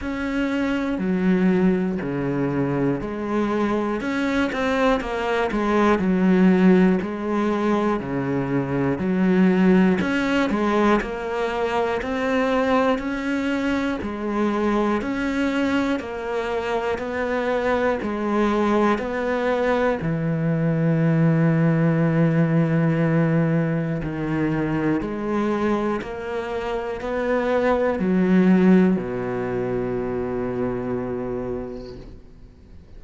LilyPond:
\new Staff \with { instrumentName = "cello" } { \time 4/4 \tempo 4 = 60 cis'4 fis4 cis4 gis4 | cis'8 c'8 ais8 gis8 fis4 gis4 | cis4 fis4 cis'8 gis8 ais4 | c'4 cis'4 gis4 cis'4 |
ais4 b4 gis4 b4 | e1 | dis4 gis4 ais4 b4 | fis4 b,2. | }